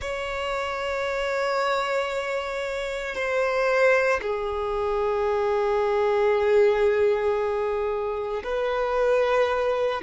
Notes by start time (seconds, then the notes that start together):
0.01 C#5
3.15 C5
4.21 G#4
8.43 B4